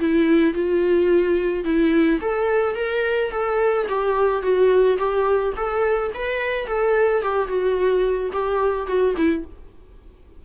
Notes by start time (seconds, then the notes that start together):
0.00 E4
0.54 F4
1.64 E4
2.21 A4
2.76 A#4
3.32 A4
3.89 G4
4.42 F#4
4.98 G4
5.57 A4
6.14 B4
6.67 A4
7.23 G4
7.48 F#4
8.33 G4
8.87 F#4
9.17 E4